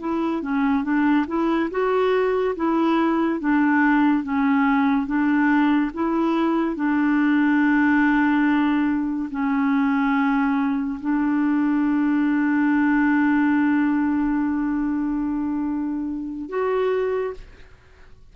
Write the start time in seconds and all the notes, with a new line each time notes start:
0.00 E4
0.42 C#4
0.83 D4
1.28 E4
1.70 F#4
2.55 E4
3.40 D4
4.24 C#4
5.06 D4
5.93 E4
6.76 D4
9.30 C#4
11.00 D4
16.49 F#4